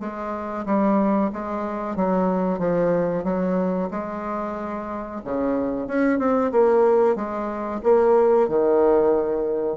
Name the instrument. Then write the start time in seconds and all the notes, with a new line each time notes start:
bassoon
0.00 G#3
0.65 G3
1.33 G#3
1.96 F#3
2.59 F3
3.24 F#3
3.91 G#3
5.24 C#3
5.87 C#4
6.18 C4
6.51 A#3
7.15 G#3
7.83 A#3
8.48 D#3